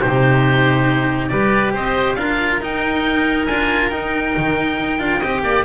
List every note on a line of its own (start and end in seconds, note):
0.00 1.31 C3
0.00 1.30 D#4
0.00 1.30 G4
0.00 1.28 C5
1.28 1.74 G3
1.28 2.17 G4
1.28 1.73 B4
1.28 1.71 D5
1.73 2.16 C4
1.73 2.17 C5
1.73 2.14 D#5
2.14 2.60 D4
2.14 2.61 F4
2.14 5.19 A#4
2.14 2.58 F5
2.61 3.47 D#4
2.61 3.48 D#4
2.61 3.46 G5
3.46 3.91 D4
3.46 3.91 F4
3.46 3.89 G#5
3.89 4.99 D#4
3.89 4.35 D#4
3.89 5.63 G5
4.37 4.79 D#3
4.79 4.99 D#4
4.99 5.20 D4
4.99 5.21 F4
5.19 5.42 C4
5.19 5.65 G4
5.19 5.41 D#5
5.42 5.64 A#3
5.42 5.65 D5